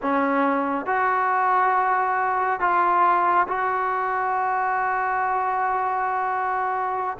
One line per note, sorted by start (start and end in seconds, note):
0.02 0.85 C#4
0.85 2.59 F#4
2.60 3.47 F4
3.47 7.17 F#4